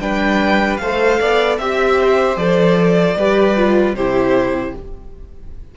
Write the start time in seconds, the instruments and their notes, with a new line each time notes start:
0.00 cello G3, viola D4, violin B4 G5
0.77 cello A3, viola A4, violin C5 F5
1.20 cello B3, violin D5
1.58 cello C4, viola G4, violin E5
2.00 violin C5
2.36 cello F3, viola A4, violin D5
3.17 cello G3, viola G4, violin B4
3.56 viola F4
3.94 cello C3, viola E4, violin G4 C5